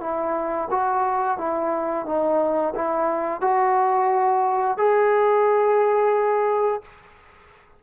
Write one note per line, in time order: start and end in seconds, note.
0.00 0.68 E4
0.71 1.38 F#4
1.38 2.05 E4
2.05 2.74 D#4
2.75 3.41 E4
3.41 4.77 F#4
4.77 6.82 G#4